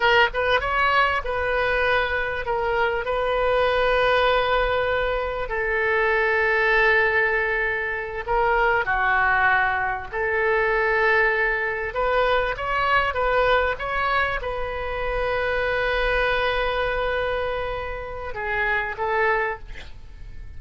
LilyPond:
\new Staff \with { instrumentName = "oboe" } { \time 4/4 \tempo 4 = 98 ais'8 b'8 cis''4 b'2 | ais'4 b'2.~ | b'4 a'2.~ | a'4. ais'4 fis'4.~ |
fis'8 a'2. b'8~ | b'8 cis''4 b'4 cis''4 b'8~ | b'1~ | b'2 gis'4 a'4 | }